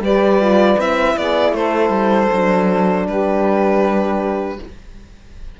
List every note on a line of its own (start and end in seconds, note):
0.00 0.76 G3
0.00 0.41 G4
0.00 1.17 B4
0.00 0.80 D5
0.41 0.77 F4
0.77 1.16 C4
0.77 2.29 E4
0.77 1.17 E5
1.17 1.52 B3
1.17 1.55 G#4
1.17 1.54 D5
1.52 1.89 A3
1.52 3.07 A4
1.52 3.06 C5
1.89 2.27 G3
2.32 3.07 F#3
2.32 4.60 D4
3.07 4.59 G3
3.07 4.60 G4
3.07 4.59 B4